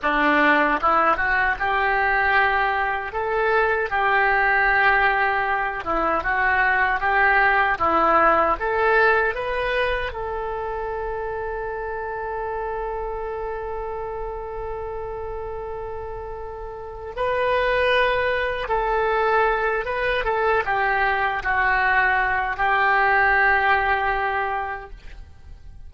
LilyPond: \new Staff \with { instrumentName = "oboe" } { \time 4/4 \tempo 4 = 77 d'4 e'8 fis'8 g'2 | a'4 g'2~ g'8 e'8 | fis'4 g'4 e'4 a'4 | b'4 a'2.~ |
a'1~ | a'2 b'2 | a'4. b'8 a'8 g'4 fis'8~ | fis'4 g'2. | }